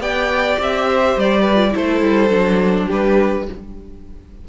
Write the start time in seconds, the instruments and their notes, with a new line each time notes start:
0.00 cello B3, viola G4, violin D5 G5
0.59 cello C4, violin E5
0.86 violin C5
1.17 cello G3, violin D5
1.42 violin B4
1.56 viola F4
1.72 cello A3, viola E4, violin A4 C5
2.01 cello G3
2.30 cello F#3, viola D4
2.86 cello G3, violin G4 B4